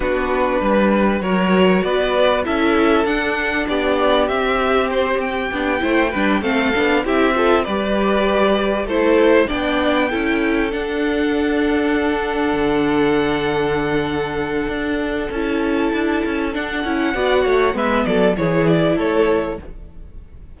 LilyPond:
<<
  \new Staff \with { instrumentName = "violin" } { \time 4/4 \tempo 4 = 98 b'2 cis''4 d''4 | e''4 fis''4 d''4 e''4 | c''8 g''2 f''4 e''8~ | e''8 d''2 c''4 g''8~ |
g''4. fis''2~ fis''8~ | fis''1~ | fis''4 a''2 fis''4~ | fis''4 e''8 d''8 cis''8 d''8 cis''4 | }
  \new Staff \with { instrumentName = "violin" } { \time 4/4 fis'4 b'4 ais'4 b'4 | a'2 g'2~ | g'4. c''8 b'8 a'4 g'8 | a'8 b'2 a'4 d''8~ |
d''8 a'2.~ a'8~ | a'1~ | a'1 | d''8 cis''8 b'8 a'8 gis'4 a'4 | }
  \new Staff \with { instrumentName = "viola" } { \time 4/4 d'2 fis'2 | e'4 d'2 c'4~ | c'4 d'8 e'8 d'8 c'8 d'8 e'8 | f'8 g'2 e'4 d'8~ |
d'8 e'4 d'2~ d'8~ | d'1~ | d'4 e'2 d'8 e'8 | fis'4 b4 e'2 | }
  \new Staff \with { instrumentName = "cello" } { \time 4/4 b4 g4 fis4 b4 | cis'4 d'4 b4 c'4~ | c'4 b8 a8 g8 a8 b8 c'8~ | c'8 g2 a4 b8~ |
b8 cis'4 d'2~ d'8~ | d'8 d2.~ d8 | d'4 cis'4 d'8 cis'8 d'8 cis'8 | b8 a8 gis8 fis8 e4 a4 | }
>>